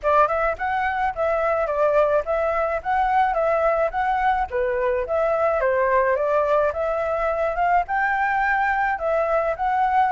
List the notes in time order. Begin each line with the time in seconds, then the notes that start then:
0.03 D5
0.28 E5
0.58 F#5
1.15 E5
1.66 D5
2.25 E5
2.83 F#5
3.34 E5
3.90 F#5
4.50 B4
5.06 E5
5.60 C5
6.16 D5
6.72 E5
7.55 F5
7.87 G5
8.98 E5
9.56 F#5